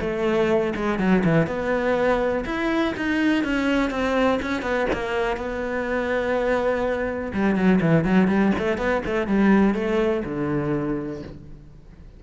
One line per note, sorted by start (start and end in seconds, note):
0.00 0.73 A3
0.75 0.98 G#3
0.98 1.23 F#3
1.24 1.46 E3
1.46 2.44 B3
2.45 2.94 E4
2.96 3.44 D#4
3.44 3.90 C#4
3.90 4.39 C4
4.42 4.62 C#4
4.62 4.86 B3
4.93 5.37 A#3
5.37 7.32 B3
7.33 7.55 G3
7.55 7.79 F#3
7.80 8.04 E3
8.04 8.27 F#3
8.27 8.52 G3
8.58 8.77 A3
8.77 9.02 B3
9.06 9.27 A3
9.27 9.74 G3
9.74 10.23 A3
10.25 11.22 D3